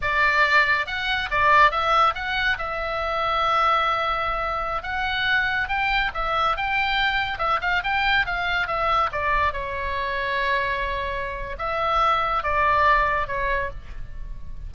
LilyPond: \new Staff \with { instrumentName = "oboe" } { \time 4/4 \tempo 4 = 140 d''2 fis''4 d''4 | e''4 fis''4 e''2~ | e''2.~ e''16 fis''8.~ | fis''4~ fis''16 g''4 e''4 g''8.~ |
g''4~ g''16 e''8 f''8 g''4 f''8.~ | f''16 e''4 d''4 cis''4.~ cis''16~ | cis''2. e''4~ | e''4 d''2 cis''4 | }